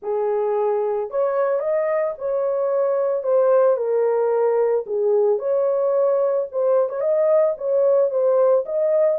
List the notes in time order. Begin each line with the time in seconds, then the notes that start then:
0.02 G#4
1.10 C#5
1.59 D#5
2.18 C#5
3.23 C5
3.76 A#4
4.86 G#4
5.38 C#5
6.51 C5
6.89 C#5
7.00 D#5
7.57 C#5
8.10 C5
8.65 D#5